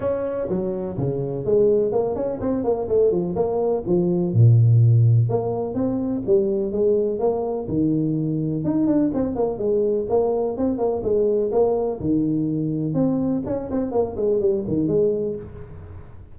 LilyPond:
\new Staff \with { instrumentName = "tuba" } { \time 4/4 \tempo 4 = 125 cis'4 fis4 cis4 gis4 | ais8 cis'8 c'8 ais8 a8 f8 ais4 | f4 ais,2 ais4 | c'4 g4 gis4 ais4 |
dis2 dis'8 d'8 c'8 ais8 | gis4 ais4 c'8 ais8 gis4 | ais4 dis2 c'4 | cis'8 c'8 ais8 gis8 g8 dis8 gis4 | }